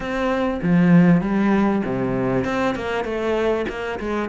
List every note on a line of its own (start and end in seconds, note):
0.00 0.60 C4
0.62 1.21 F3
1.21 1.82 G3
1.85 2.44 C3
2.44 2.75 C4
2.75 3.04 A#3
3.04 3.65 A3
3.68 3.99 A#3
3.99 4.29 G#3